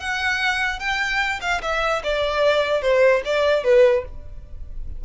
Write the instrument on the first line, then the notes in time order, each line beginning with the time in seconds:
violin
0.00 F#5
0.79 G5
1.41 F5
1.62 E5
2.04 D5
2.82 C5
3.25 D5
3.64 B4